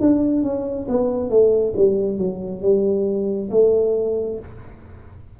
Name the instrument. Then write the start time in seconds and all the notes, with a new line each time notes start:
tuba
0.00 D4
0.43 C#4
0.88 B3
1.30 A3
1.76 G3
2.18 F#3
2.61 G3
3.51 A3